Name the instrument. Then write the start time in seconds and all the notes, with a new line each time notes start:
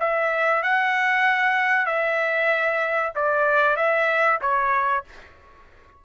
trumpet
0.00 E5
0.63 F#5
1.86 E5
3.15 D5
3.77 E5
4.41 C#5